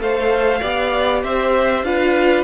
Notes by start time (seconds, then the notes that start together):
0.00 A3 A4 C5 F5
0.61 B3 G4 D5
1.24 C4 C5 E5
1.84 D4 F4 B4 F5